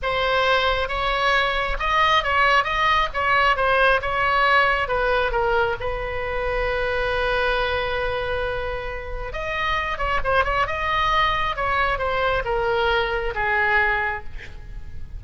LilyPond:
\new Staff \with { instrumentName = "oboe" } { \time 4/4 \tempo 4 = 135 c''2 cis''2 | dis''4 cis''4 dis''4 cis''4 | c''4 cis''2 b'4 | ais'4 b'2.~ |
b'1~ | b'4 dis''4. cis''8 c''8 cis''8 | dis''2 cis''4 c''4 | ais'2 gis'2 | }